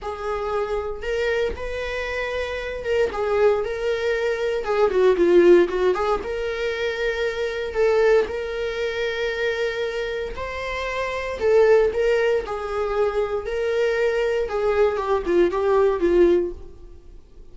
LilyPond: \new Staff \with { instrumentName = "viola" } { \time 4/4 \tempo 4 = 116 gis'2 ais'4 b'4~ | b'4. ais'8 gis'4 ais'4~ | ais'4 gis'8 fis'8 f'4 fis'8 gis'8 | ais'2. a'4 |
ais'1 | c''2 a'4 ais'4 | gis'2 ais'2 | gis'4 g'8 f'8 g'4 f'4 | }